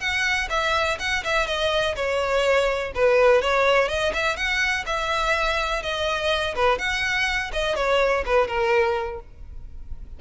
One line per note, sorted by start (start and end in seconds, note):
0.00 0.48 F#5
0.49 0.98 E5
0.99 1.24 F#5
1.24 1.47 E5
1.47 1.96 D#5
1.96 2.92 C#5
2.95 3.42 B4
3.42 3.89 C#5
3.89 4.13 D#5
4.14 4.36 E5
4.36 4.85 F#5
4.86 5.82 E5
5.82 6.55 D#5
6.55 6.79 B4
6.79 7.51 F#5
7.53 7.76 D#5
7.76 8.24 C#5
8.25 8.48 B4
8.48 9.20 A#4